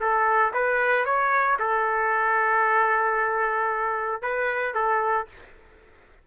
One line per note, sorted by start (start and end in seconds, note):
0.00 0.53 A4
0.53 1.05 B4
1.05 1.57 C#5
1.59 4.22 A4
4.22 4.74 B4
4.74 5.27 A4